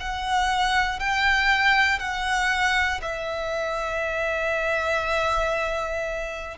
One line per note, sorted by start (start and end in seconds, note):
0.00 1.00 F#5
1.00 1.99 G5
1.99 3.01 F#5
3.02 6.58 E5